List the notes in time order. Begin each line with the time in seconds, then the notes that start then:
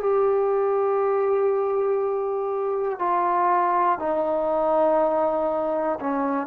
0.00 G4
3.00 F4
4.00 D#4
6.00 C#4